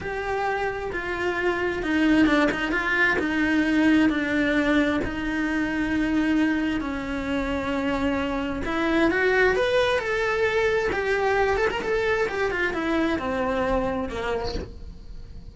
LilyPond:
\new Staff \with { instrumentName = "cello" } { \time 4/4 \tempo 4 = 132 g'2 f'2 | dis'4 d'8 dis'8 f'4 dis'4~ | dis'4 d'2 dis'4~ | dis'2. cis'4~ |
cis'2. e'4 | fis'4 b'4 a'2 | g'4. a'16 ais'16 a'4 g'8 f'8 | e'4 c'2 ais4 | }